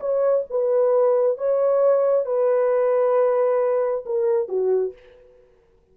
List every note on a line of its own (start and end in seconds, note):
0.00 0.45 C#5
0.50 1.38 B4
1.38 2.26 C#5
2.26 4.05 B4
4.06 4.49 A#4
4.49 4.93 F#4